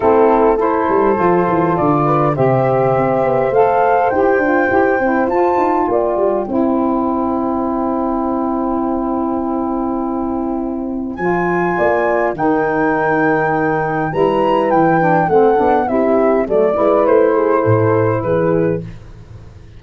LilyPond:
<<
  \new Staff \with { instrumentName = "flute" } { \time 4/4 \tempo 4 = 102 a'4 c''2 d''4 | e''2 f''4 g''4~ | g''4 a''4 g''2~ | g''1~ |
g''2. gis''4~ | gis''4 g''2. | ais''4 g''4 fis''4 e''4 | d''4 c''2 b'4 | }
  \new Staff \with { instrumentName = "horn" } { \time 4/4 e'4 a'2~ a'8 b'8 | c''1~ | c''2 d''4 c''4~ | c''1~ |
c''1 | d''4 ais'2. | b'2 a'4 g'4 | a'8 b'4 gis'8 a'4 gis'4 | }
  \new Staff \with { instrumentName = "saxophone" } { \time 4/4 c'4 e'4 f'2 | g'2 a'4 g'8 f'8 | g'8 e'8 f'2 e'4~ | e'1~ |
e'2. f'4~ | f'4 dis'2. | e'4. d'8 c'8 d'8 e'4 | a8 e'2.~ e'8 | }
  \new Staff \with { instrumentName = "tuba" } { \time 4/4 a4. g8 f8 e8 d4 | c4 c'8 b8 a4 e'8 d'8 | e'8 c'8 f'8 dis'8 ais8 g8 c'4~ | c'1~ |
c'2. f4 | ais4 dis2. | g4 e4 a8 b8 c'4 | fis8 gis8 a4 a,4 e4 | }
>>